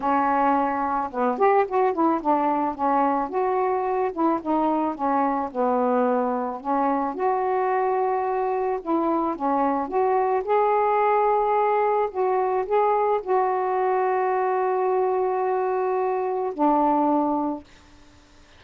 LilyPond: \new Staff \with { instrumentName = "saxophone" } { \time 4/4 \tempo 4 = 109 cis'2 b8 g'8 fis'8 e'8 | d'4 cis'4 fis'4. e'8 | dis'4 cis'4 b2 | cis'4 fis'2. |
e'4 cis'4 fis'4 gis'4~ | gis'2 fis'4 gis'4 | fis'1~ | fis'2 d'2 | }